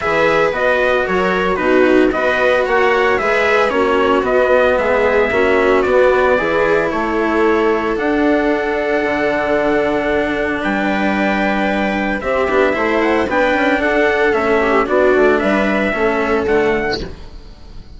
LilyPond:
<<
  \new Staff \with { instrumentName = "trumpet" } { \time 4/4 \tempo 4 = 113 e''4 dis''4 cis''4 b'4 | dis''4 fis''4 e''4 cis''4 | dis''4 e''2 d''4~ | d''4 cis''2 fis''4~ |
fis''1 | g''2. e''4~ | e''8 fis''8 g''4 fis''4 e''4 | d''4 e''2 fis''4 | }
  \new Staff \with { instrumentName = "viola" } { \time 4/4 b'2 ais'4 fis'4 | b'4 cis''4 b'4 fis'4~ | fis'4 gis'4 fis'2 | gis'4 a'2.~ |
a'1 | b'2. g'4 | c''4 b'4 a'4. g'8 | fis'4 b'4 a'2 | }
  \new Staff \with { instrumentName = "cello" } { \time 4/4 gis'4 fis'2 dis'4 | fis'2 gis'4 cis'4 | b2 cis'4 b4 | e'2. d'4~ |
d'1~ | d'2. c'8 d'8 | e'4 d'2 cis'4 | d'2 cis'4 a4 | }
  \new Staff \with { instrumentName = "bassoon" } { \time 4/4 e4 b4 fis4 b,4 | b4 ais4 gis4 ais4 | b4 gis4 ais4 b4 | e4 a2 d'4~ |
d'4 d2. | g2. c'8 b8 | a4 b8 cis'8 d'4 a4 | b8 a8 g4 a4 d4 | }
>>